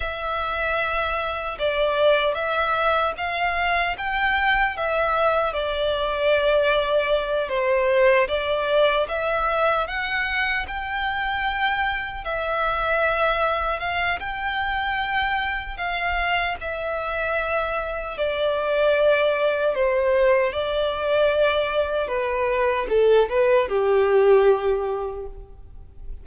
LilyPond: \new Staff \with { instrumentName = "violin" } { \time 4/4 \tempo 4 = 76 e''2 d''4 e''4 | f''4 g''4 e''4 d''4~ | d''4. c''4 d''4 e''8~ | e''8 fis''4 g''2 e''8~ |
e''4. f''8 g''2 | f''4 e''2 d''4~ | d''4 c''4 d''2 | b'4 a'8 b'8 g'2 | }